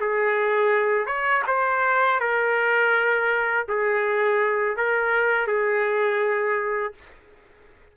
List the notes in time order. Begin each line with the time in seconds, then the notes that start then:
0.00 G#4
1.06 C#5
1.47 C5
2.20 A#4
3.68 G#4
4.77 A#4
5.47 G#4